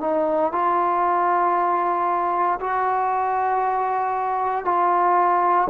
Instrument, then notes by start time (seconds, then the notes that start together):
trombone
0.00 D#4
0.52 F4
2.60 F#4
4.64 F4